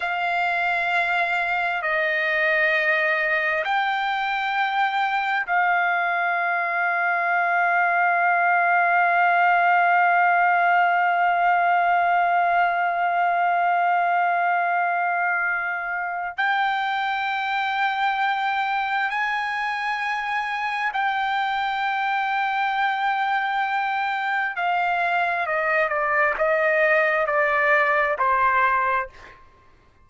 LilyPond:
\new Staff \with { instrumentName = "trumpet" } { \time 4/4 \tempo 4 = 66 f''2 dis''2 | g''2 f''2~ | f''1~ | f''1~ |
f''2 g''2~ | g''4 gis''2 g''4~ | g''2. f''4 | dis''8 d''8 dis''4 d''4 c''4 | }